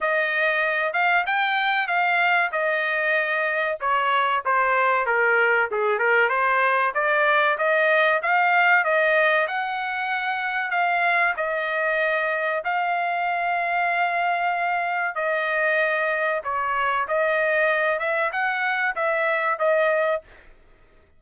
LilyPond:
\new Staff \with { instrumentName = "trumpet" } { \time 4/4 \tempo 4 = 95 dis''4. f''8 g''4 f''4 | dis''2 cis''4 c''4 | ais'4 gis'8 ais'8 c''4 d''4 | dis''4 f''4 dis''4 fis''4~ |
fis''4 f''4 dis''2 | f''1 | dis''2 cis''4 dis''4~ | dis''8 e''8 fis''4 e''4 dis''4 | }